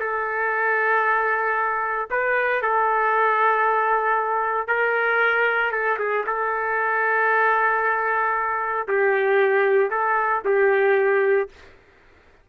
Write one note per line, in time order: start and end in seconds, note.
0.00 2.09 A4
2.10 2.62 B4
2.62 4.67 A4
4.67 5.72 A#4
5.72 5.98 A4
5.99 6.25 G#4
6.26 8.87 A4
8.88 9.90 G4
9.90 10.42 A4
10.45 11.49 G4